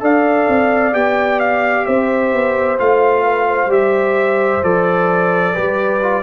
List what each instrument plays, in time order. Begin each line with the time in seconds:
0.00 tuba D4, trombone A4, horn D5, trumpet F5
0.48 tuba C4
0.92 tuba B3, trombone G4, trumpet G5
1.39 trumpet F5
1.85 tuba C4, horn C5, trumpet E5
2.33 tuba B3
2.79 tuba A3, trombone F4, trumpet F5
3.24 horn B4
3.47 horn C5
3.66 tuba G3, trombone G4, trumpet E5
4.63 tuba F3, trombone A4, trumpet D5
5.54 tuba G3, trombone G4, horn B4
6.02 trombone F4